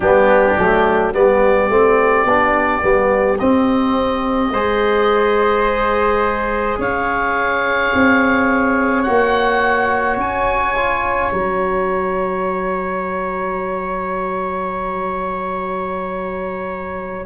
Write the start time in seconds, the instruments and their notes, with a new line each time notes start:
0.00 tuba G3, trombone B3, flute D4, oboe G4
0.57 tuba F#3, trombone A3
1.13 tuba G3, trombone B3, flute G4, oboe D5
1.69 tuba A3, trombone C4
2.25 tuba B3, trombone D4
2.81 tuba G3, trombone B3
3.38 trombone C4, tuba C4, oboe D#5
4.51 tuba G#3, trombone G#4, flute C5
6.78 tuba C#4, flute C#5, oboe F5
7.94 tuba C4
9.03 tuba A#3, trombone F#4, oboe F#5
10.17 tuba C#4, oboe G#5
10.76 trombone F4
11.32 tuba F#3, trombone F#4, oboe A#5